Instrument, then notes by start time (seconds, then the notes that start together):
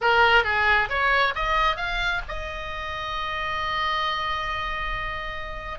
oboe
0.01 A#4
0.44 G#4
0.89 C#5
1.35 D#5
1.76 F5
2.28 D#5